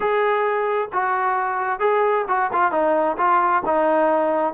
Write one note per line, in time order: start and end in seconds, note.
0.00 0.88 G#4
0.92 1.79 F#4
1.79 2.25 G#4
2.27 2.50 F#4
2.52 2.71 F4
2.71 3.17 D#4
3.17 3.62 F4
3.65 4.53 D#4